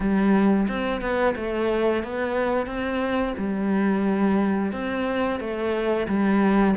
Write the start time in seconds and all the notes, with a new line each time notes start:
0.00 G3
0.68 C4
1.01 B3
1.35 A3
2.03 B3
2.66 C4
3.37 G3
4.72 C4
5.39 A3
6.08 G3